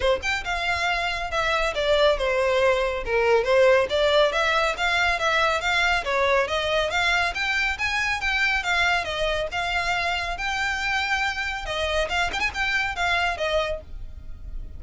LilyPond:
\new Staff \with { instrumentName = "violin" } { \time 4/4 \tempo 4 = 139 c''8 g''8 f''2 e''4 | d''4 c''2 ais'4 | c''4 d''4 e''4 f''4 | e''4 f''4 cis''4 dis''4 |
f''4 g''4 gis''4 g''4 | f''4 dis''4 f''2 | g''2. dis''4 | f''8 g''16 gis''16 g''4 f''4 dis''4 | }